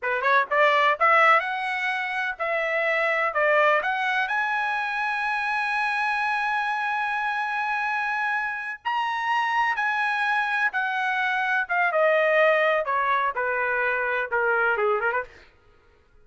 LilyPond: \new Staff \with { instrumentName = "trumpet" } { \time 4/4 \tempo 4 = 126 b'8 cis''8 d''4 e''4 fis''4~ | fis''4 e''2 d''4 | fis''4 gis''2.~ | gis''1~ |
gis''2~ gis''8 ais''4.~ | ais''8 gis''2 fis''4.~ | fis''8 f''8 dis''2 cis''4 | b'2 ais'4 gis'8 ais'16 b'16 | }